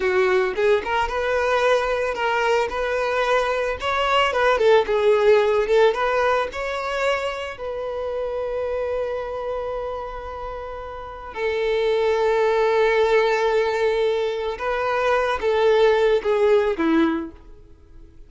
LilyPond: \new Staff \with { instrumentName = "violin" } { \time 4/4 \tempo 4 = 111 fis'4 gis'8 ais'8 b'2 | ais'4 b'2 cis''4 | b'8 a'8 gis'4. a'8 b'4 | cis''2 b'2~ |
b'1~ | b'4 a'2.~ | a'2. b'4~ | b'8 a'4. gis'4 e'4 | }